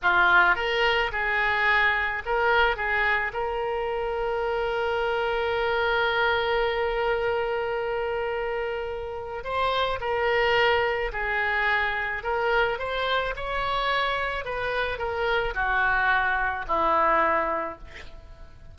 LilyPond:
\new Staff \with { instrumentName = "oboe" } { \time 4/4 \tempo 4 = 108 f'4 ais'4 gis'2 | ais'4 gis'4 ais'2~ | ais'1~ | ais'1~ |
ais'4 c''4 ais'2 | gis'2 ais'4 c''4 | cis''2 b'4 ais'4 | fis'2 e'2 | }